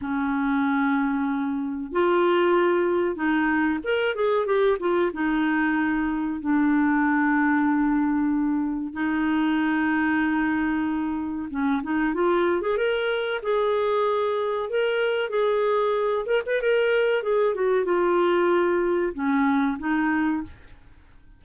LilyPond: \new Staff \with { instrumentName = "clarinet" } { \time 4/4 \tempo 4 = 94 cis'2. f'4~ | f'4 dis'4 ais'8 gis'8 g'8 f'8 | dis'2 d'2~ | d'2 dis'2~ |
dis'2 cis'8 dis'8 f'8. gis'16 | ais'4 gis'2 ais'4 | gis'4. ais'16 b'16 ais'4 gis'8 fis'8 | f'2 cis'4 dis'4 | }